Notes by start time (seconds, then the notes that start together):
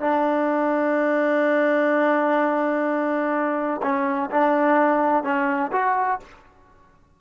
0.00 D4
3.82 C#4
4.30 D4
5.24 C#4
5.72 F#4